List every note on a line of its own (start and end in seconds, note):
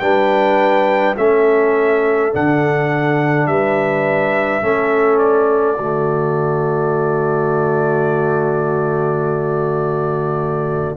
0.00 1.17 G3
0.00 1.16 D4
0.00 1.17 B4
0.00 1.15 G5
1.18 2.33 A3
1.18 2.32 C#4
1.18 3.50 A4
1.18 2.33 E5
2.32 3.47 D3
2.32 4.62 D4
2.32 3.47 F#5
3.47 4.63 G3
3.47 4.64 B4
3.47 5.19 E5
4.62 5.78 A3
4.62 5.78 C#4
4.62 5.77 A4
5.19 10.96 D5
5.77 10.97 D3
5.77 10.97 A3
5.77 10.97 F#4